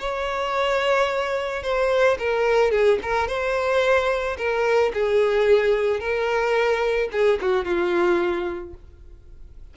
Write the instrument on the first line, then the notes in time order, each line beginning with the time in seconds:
violin
0.00 C#5
1.63 C5
2.19 A#4
2.71 G#4
3.02 A#4
3.28 C5
4.38 A#4
4.94 G#4
6.00 A#4
7.12 G#4
7.41 F#4
7.65 F4